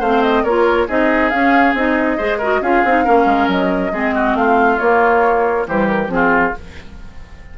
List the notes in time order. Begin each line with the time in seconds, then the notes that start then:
0.00 A3 C4 C5 F5
0.23 D#5
0.44 A#3 F4 A#4 C#5
0.87 C4 D#4 G#4 D#5
1.31 C#4 F5
1.74 C4 D#4 D#5
2.18 G#3 G#4 C5
2.39 F#4 A#4
2.62 C#4 F4 G#4 F5
2.85 C4 D#4
3.05 A#3 C#4 A#4
3.26 G#3
3.48 F#3 D#5
3.92 G#3 C4 G#4
4.15 F#4
4.35 A3 F4 F5
4.79 A#3 C#5
5.68 E3 G3 G4 C5
5.88 A#4
6.09 F3 C4 G#4
6.15 F4